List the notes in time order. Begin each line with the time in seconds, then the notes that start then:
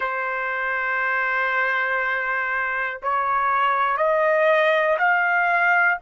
0.00 C5
3.02 C#5
3.97 D#5
4.98 F5